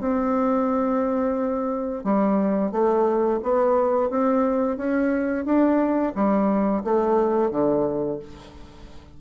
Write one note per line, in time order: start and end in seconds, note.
0.00 2.04 C4
2.04 2.71 G3
2.71 3.40 A3
3.43 4.10 B3
4.10 4.77 C4
4.77 5.45 C#4
5.45 6.13 D4
6.15 6.83 G3
6.84 7.51 A3
7.51 8.19 D3